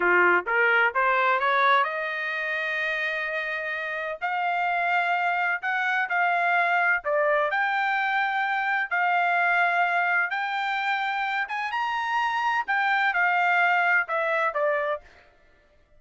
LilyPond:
\new Staff \with { instrumentName = "trumpet" } { \time 4/4 \tempo 4 = 128 f'4 ais'4 c''4 cis''4 | dis''1~ | dis''4 f''2. | fis''4 f''2 d''4 |
g''2. f''4~ | f''2 g''2~ | g''8 gis''8 ais''2 g''4 | f''2 e''4 d''4 | }